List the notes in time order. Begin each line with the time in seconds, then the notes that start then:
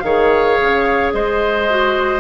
0.00 D#3 G#4 C#5 F5
0.60 C#3
1.13 G#3 C5 D#5
1.69 F#4